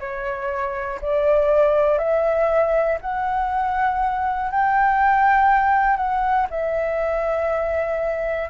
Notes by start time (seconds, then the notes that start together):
0.00 C#5
1.02 D5
1.99 E5
3.01 F#5
4.51 G5
5.97 F#5
6.50 E5